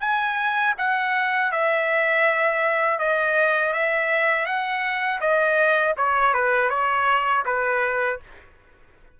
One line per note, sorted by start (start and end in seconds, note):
0.00 0.74 G#5
0.78 1.52 F#5
1.52 2.99 E5
2.99 3.73 D#5
3.73 4.46 E5
4.46 5.20 F#5
5.21 5.95 D#5
5.97 6.34 C#5
6.34 6.70 B4
6.70 7.44 C#5
7.46 8.20 B4